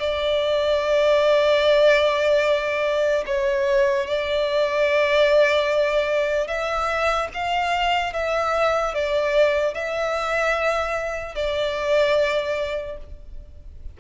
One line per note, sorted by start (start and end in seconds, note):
0.00 3.24 D5
3.27 4.07 C#5
4.07 6.48 D5
6.48 7.29 E5
7.35 8.14 F5
8.14 8.94 E5
8.94 9.75 D5
9.75 11.36 E5
11.36 12.98 D5